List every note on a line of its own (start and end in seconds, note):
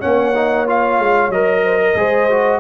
0.00 0.99 A#3
0.00 0.33 C#4
0.00 1.63 C#5
0.00 0.67 F#5
0.35 0.67 D#4
0.67 1.32 F4
0.67 1.31 F5
0.99 1.29 G#3
1.29 1.94 F#3
1.29 1.97 A#4
1.29 2.60 D#5
1.64 1.80 C5
1.82 1.98 A#4
1.95 2.60 G#3
1.95 2.29 G#4
1.95 2.60 C5
2.30 2.60 F#4